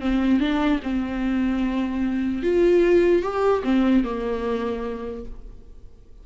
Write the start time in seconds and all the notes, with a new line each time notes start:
0.00 C4
0.40 D4
0.82 C4
2.43 F4
3.22 G4
3.63 C4
4.04 A#3